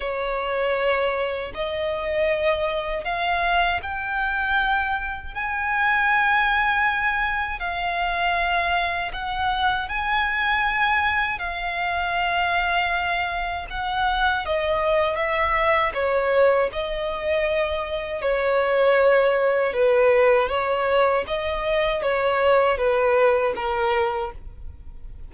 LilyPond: \new Staff \with { instrumentName = "violin" } { \time 4/4 \tempo 4 = 79 cis''2 dis''2 | f''4 g''2 gis''4~ | gis''2 f''2 | fis''4 gis''2 f''4~ |
f''2 fis''4 dis''4 | e''4 cis''4 dis''2 | cis''2 b'4 cis''4 | dis''4 cis''4 b'4 ais'4 | }